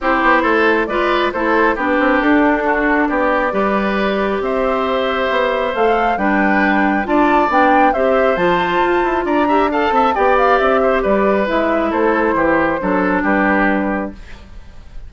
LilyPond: <<
  \new Staff \with { instrumentName = "flute" } { \time 4/4 \tempo 4 = 136 c''2 d''4 c''4 | b'4 a'2 d''4~ | d''2 e''2~ | e''4 f''4 g''2 |
a''4 g''4 e''4 a''4~ | a''4 ais''4 a''4 g''8 f''8 | e''4 d''4 e''4 c''4~ | c''2 b'2 | }
  \new Staff \with { instrumentName = "oboe" } { \time 4/4 g'4 a'4 b'4 a'4 | g'2 fis'4 g'4 | b'2 c''2~ | c''2 b'2 |
d''2 c''2~ | c''4 d''8 e''8 f''8 e''8 d''4~ | d''8 c''8 b'2 a'4 | g'4 a'4 g'2 | }
  \new Staff \with { instrumentName = "clarinet" } { \time 4/4 e'2 f'4 e'4 | d'1 | g'1~ | g'4 a'4 d'2 |
f'4 d'4 g'4 f'4~ | f'4. g'8 a'4 g'4~ | g'2 e'2~ | e'4 d'2. | }
  \new Staff \with { instrumentName = "bassoon" } { \time 4/4 c'8 b8 a4 gis4 a4 | b8 c'8 d'2 b4 | g2 c'2 | b4 a4 g2 |
d'4 b4 c'4 f4 | f'8 e'8 d'4. c'8 b4 | c'4 g4 gis4 a4 | e4 fis4 g2 | }
>>